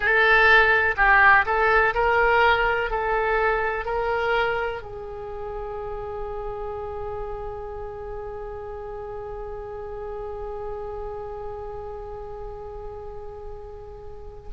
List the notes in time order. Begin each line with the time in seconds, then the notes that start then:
0.00 A4
0.96 G4
1.45 A4
1.94 A#4
2.90 A4
3.84 A#4
4.81 G#4